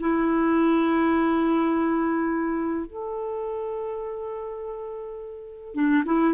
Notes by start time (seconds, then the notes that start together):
0.00 E4
2.87 A4
5.75 D4
6.06 E4